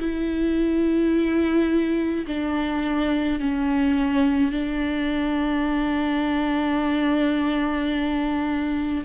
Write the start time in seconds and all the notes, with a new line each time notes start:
0.00 E4
2.27 D4
3.40 C#4
4.52 D4